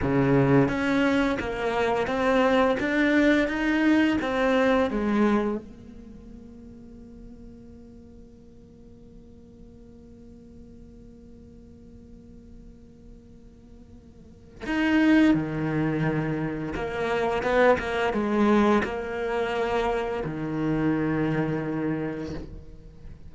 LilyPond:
\new Staff \with { instrumentName = "cello" } { \time 4/4 \tempo 4 = 86 cis4 cis'4 ais4 c'4 | d'4 dis'4 c'4 gis4 | ais1~ | ais1~ |
ais1~ | ais4 dis'4 dis2 | ais4 b8 ais8 gis4 ais4~ | ais4 dis2. | }